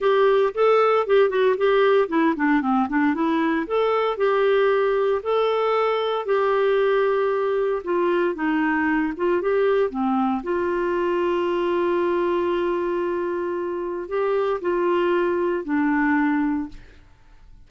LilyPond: \new Staff \with { instrumentName = "clarinet" } { \time 4/4 \tempo 4 = 115 g'4 a'4 g'8 fis'8 g'4 | e'8 d'8 c'8 d'8 e'4 a'4 | g'2 a'2 | g'2. f'4 |
dis'4. f'8 g'4 c'4 | f'1~ | f'2. g'4 | f'2 d'2 | }